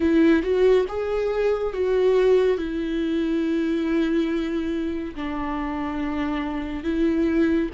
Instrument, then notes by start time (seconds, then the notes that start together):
viola
0.00 E4
0.42 F#4
0.88 G#4
1.73 F#4
2.57 E4
5.15 D4
6.83 E4